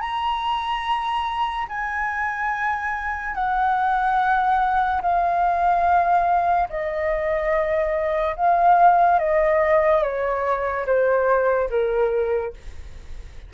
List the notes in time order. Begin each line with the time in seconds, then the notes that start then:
0.00 A#5
1.69 G#5
3.34 F#5
5.02 F5
6.69 D#5
8.36 F5
9.19 D#5
10.02 C#5
10.86 C5
11.70 A#4